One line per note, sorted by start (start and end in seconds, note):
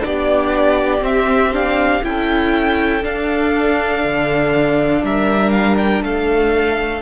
0.00 1.01 B3
0.00 1.00 D4
0.00 2.06 G4
0.00 1.04 D5
1.01 2.01 C4
1.01 1.52 C4
1.01 1.54 E5
1.53 2.03 D4
1.53 2.04 F5
2.03 3.03 C#4
2.03 3.02 E4
2.03 5.05 A4
2.03 3.04 G5
3.02 7.02 D4
3.02 4.04 D4
3.02 5.04 F5
4.04 5.03 D3
5.03 6.02 G3
5.03 6.05 A#4
5.03 5.51 E5
5.51 5.76 F5
5.78 6.03 G5
6.02 7.02 A3
6.02 7.02 A4
6.02 7.02 F5